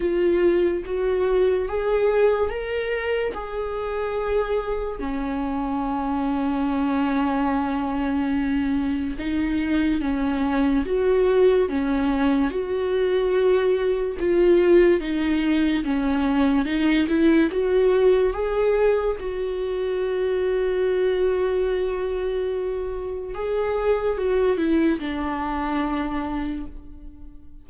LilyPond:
\new Staff \with { instrumentName = "viola" } { \time 4/4 \tempo 4 = 72 f'4 fis'4 gis'4 ais'4 | gis'2 cis'2~ | cis'2. dis'4 | cis'4 fis'4 cis'4 fis'4~ |
fis'4 f'4 dis'4 cis'4 | dis'8 e'8 fis'4 gis'4 fis'4~ | fis'1 | gis'4 fis'8 e'8 d'2 | }